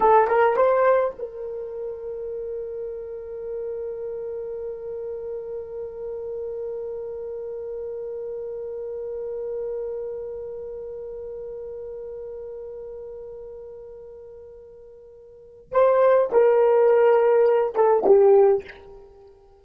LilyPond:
\new Staff \with { instrumentName = "horn" } { \time 4/4 \tempo 4 = 103 a'8 ais'8 c''4 ais'2~ | ais'1~ | ais'1~ | ais'1~ |
ais'1~ | ais'1~ | ais'2. c''4 | ais'2~ ais'8 a'8 g'4 | }